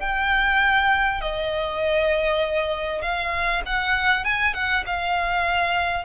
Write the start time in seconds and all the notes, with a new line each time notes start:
0.00 G5
1.21 D#5
3.02 F5
3.66 F#5
4.25 G#5
4.54 F#5
4.86 F5